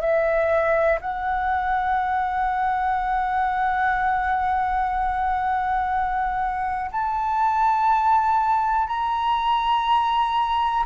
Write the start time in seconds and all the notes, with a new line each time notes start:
0.00 E5
1.01 F#5
6.91 A5
8.87 A#5